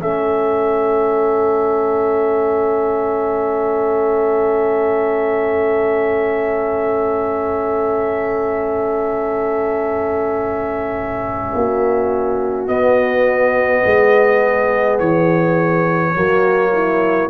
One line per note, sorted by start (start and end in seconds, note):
0.00 11.54 A3
0.00 12.69 C#4
0.00 11.55 A4
0.00 12.68 E5
11.55 12.68 A#3
11.55 13.84 F#4
12.68 13.83 B3
12.68 16.15 B3
12.68 14.99 D#5
13.84 15.00 G#3
13.84 16.14 G#4
14.99 16.15 E3
14.99 17.30 C#5
16.14 17.30 F#3
16.14 17.30 A#3
16.14 16.72 F#4
16.74 17.30 E4